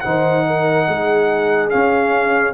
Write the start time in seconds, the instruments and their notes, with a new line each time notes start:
0.00 tuba D#3, trombone D#4, horn C5, trumpet F#5
0.46 horn A#4
0.88 tuba G#3, horn G#4
1.70 trombone C#4, tuba C#4, trumpet F5